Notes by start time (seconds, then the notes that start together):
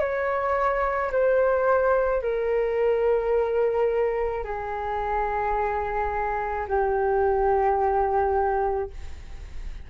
0.00 C#5
1.12 C5
2.22 A#4
4.44 G#4
6.68 G4